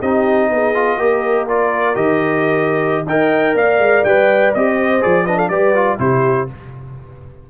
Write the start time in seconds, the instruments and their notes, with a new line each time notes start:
0.00 tuba C4, trombone D#4, horn G4, trumpet D#5
0.49 tuba B3, horn G#4
0.74 trombone F4
0.97 tuba A#3, trombone G4, horn A#4
1.48 trombone F4, trumpet D5
1.95 tuba D#3, trombone G4, trumpet D#5
3.05 tuba D#4, trombone A#4, horn D#5, trumpet G5
3.54 tuba A#3, horn D5, trumpet F5
3.79 tuba G#3
4.04 tuba G3, trombone B4, trumpet G5
4.54 tuba C4, trombone G4, trumpet D#5
4.77 horn C5
5.01 tuba F3, trombone G#4, trumpet D5
5.25 trombone D4, horn B4, trumpet D#5
5.36 horn A4, trumpet F5
5.48 tuba G3, trombone G4, horn B4, trumpet D5
5.75 trombone F4
5.98 tuba C3, trombone E4, horn G4, trumpet C5